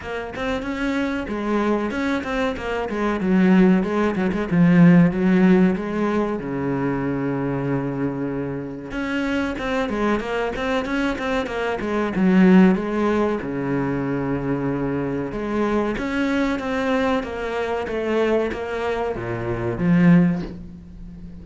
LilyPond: \new Staff \with { instrumentName = "cello" } { \time 4/4 \tempo 4 = 94 ais8 c'8 cis'4 gis4 cis'8 c'8 | ais8 gis8 fis4 gis8 fis16 gis16 f4 | fis4 gis4 cis2~ | cis2 cis'4 c'8 gis8 |
ais8 c'8 cis'8 c'8 ais8 gis8 fis4 | gis4 cis2. | gis4 cis'4 c'4 ais4 | a4 ais4 ais,4 f4 | }